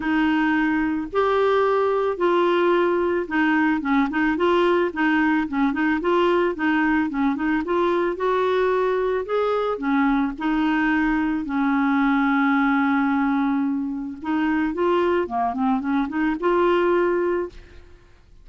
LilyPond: \new Staff \with { instrumentName = "clarinet" } { \time 4/4 \tempo 4 = 110 dis'2 g'2 | f'2 dis'4 cis'8 dis'8 | f'4 dis'4 cis'8 dis'8 f'4 | dis'4 cis'8 dis'8 f'4 fis'4~ |
fis'4 gis'4 cis'4 dis'4~ | dis'4 cis'2.~ | cis'2 dis'4 f'4 | ais8 c'8 cis'8 dis'8 f'2 | }